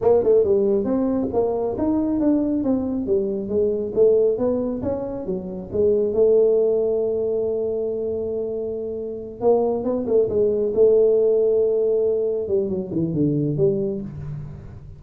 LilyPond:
\new Staff \with { instrumentName = "tuba" } { \time 4/4 \tempo 4 = 137 ais8 a8 g4 c'4 ais4 | dis'4 d'4 c'4 g4 | gis4 a4 b4 cis'4 | fis4 gis4 a2~ |
a1~ | a4. ais4 b8 a8 gis8~ | gis8 a2.~ a8~ | a8 g8 fis8 e8 d4 g4 | }